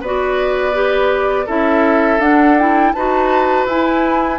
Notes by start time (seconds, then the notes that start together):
0.00 B3 F#4 B4 D5
0.73 G4
1.46 C#4 E4 A4 E5
2.19 D4 F#5
2.58 E4 G5
2.93 D#4 F#4 B4 A5
3.66 E4 G#5